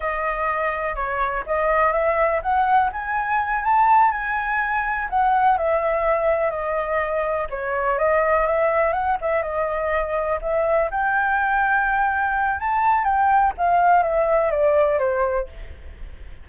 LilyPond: \new Staff \with { instrumentName = "flute" } { \time 4/4 \tempo 4 = 124 dis''2 cis''4 dis''4 | e''4 fis''4 gis''4. a''8~ | a''8 gis''2 fis''4 e''8~ | e''4. dis''2 cis''8~ |
cis''8 dis''4 e''4 fis''8 e''8 dis''8~ | dis''4. e''4 g''4.~ | g''2 a''4 g''4 | f''4 e''4 d''4 c''4 | }